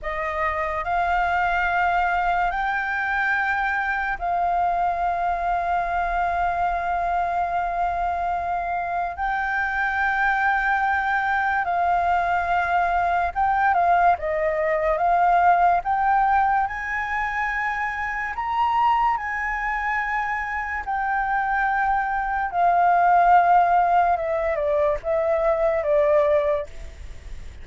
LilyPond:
\new Staff \with { instrumentName = "flute" } { \time 4/4 \tempo 4 = 72 dis''4 f''2 g''4~ | g''4 f''2.~ | f''2. g''4~ | g''2 f''2 |
g''8 f''8 dis''4 f''4 g''4 | gis''2 ais''4 gis''4~ | gis''4 g''2 f''4~ | f''4 e''8 d''8 e''4 d''4 | }